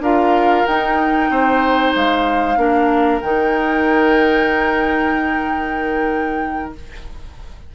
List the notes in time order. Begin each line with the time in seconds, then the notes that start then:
0.00 D4 F4 A#4 F5
0.66 D#4 G5
1.30 C4 C5
1.95 G#3 F5
2.57 A#3 D4 A#4
3.21 D#3 D#4 G5